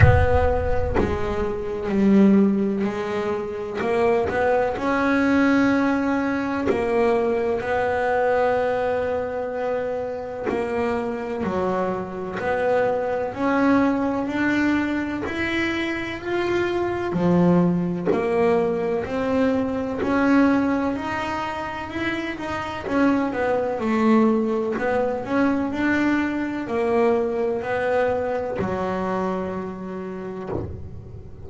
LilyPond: \new Staff \with { instrumentName = "double bass" } { \time 4/4 \tempo 4 = 63 b4 gis4 g4 gis4 | ais8 b8 cis'2 ais4 | b2. ais4 | fis4 b4 cis'4 d'4 |
e'4 f'4 f4 ais4 | c'4 cis'4 dis'4 e'8 dis'8 | cis'8 b8 a4 b8 cis'8 d'4 | ais4 b4 fis2 | }